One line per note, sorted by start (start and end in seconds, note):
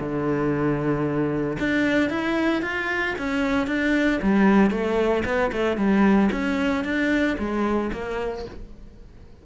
0.00 1.58 D3
1.60 2.10 D4
2.10 2.63 E4
2.63 3.16 F4
3.19 3.68 C#4
3.68 4.20 D4
4.23 4.71 G3
4.71 5.24 A3
5.25 5.52 B3
5.53 5.78 A3
5.78 6.30 G3
6.33 6.84 C#4
6.84 7.37 D4
7.39 7.92 G#3
7.93 8.46 A#3